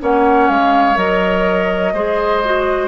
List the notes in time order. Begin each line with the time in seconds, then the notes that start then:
0.00 A#3 C#4 C#5 F#5
0.49 G#3 F5
0.96 F#3 A#4 D#5
1.93 G#3 G#4 C5
2.44 F#4